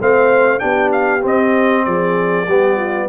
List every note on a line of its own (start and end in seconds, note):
0.00 0.63 A3
0.00 0.59 C4
0.00 0.61 C5
0.00 0.59 F5
0.59 1.26 B3
0.59 1.21 D4
0.59 1.85 G4
0.59 0.90 G5
0.92 1.23 F5
1.22 2.46 C4
1.22 1.86 C4
1.22 1.85 D#5
1.85 2.48 F3
1.85 2.46 G#4
1.85 3.09 D5
2.46 3.09 G3
2.46 3.09 B3
2.46 2.76 G4
2.76 3.07 F4